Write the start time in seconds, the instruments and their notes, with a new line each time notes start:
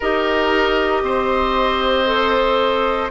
0.00 bassoon D#4, clarinet G4, oboe A#4, flute D#5
1.02 bassoon C4, oboe C5
2.06 clarinet A4